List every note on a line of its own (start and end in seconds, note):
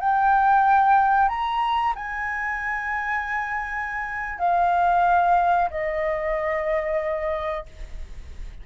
0.00 1.29 G5
1.29 1.94 A#5
1.96 4.39 G#5
4.39 5.69 F5
5.70 7.66 D#5